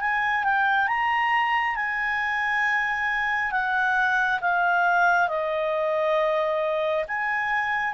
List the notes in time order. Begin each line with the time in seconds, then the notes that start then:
0.00 G#5
0.44 G5
0.87 A#5
1.76 G#5
3.52 F#5
4.41 F5
5.28 D#5
7.08 G#5